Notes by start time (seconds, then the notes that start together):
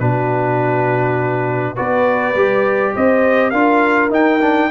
0.00 B2 D4 F#4 B4
1.74 B3 F#4 B4 D5
2.34 G3 G4
2.94 C4 C5 D#5
3.50 D4 F4 A#4 F5
4.10 D#4 G5
4.41 D4